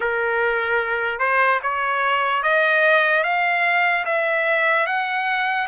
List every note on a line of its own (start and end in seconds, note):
0.00 1.19 A#4
1.19 1.60 C5
1.62 2.43 C#5
2.43 3.23 D#5
3.23 4.04 F5
4.05 4.86 E5
4.86 5.67 F#5